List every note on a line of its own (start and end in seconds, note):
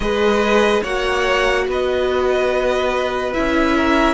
0.00 0.81 G#3
0.00 0.84 G#4
0.00 0.82 B4
0.00 0.83 D#5
0.82 1.66 A#3
0.82 3.33 F#4
0.82 1.65 C#5
0.82 1.67 F#5
1.66 3.33 B3
1.66 3.76 B4
1.66 3.33 D#5
3.33 4.14 C#4
3.33 4.14 E4
3.33 4.14 E5
3.76 4.14 A#4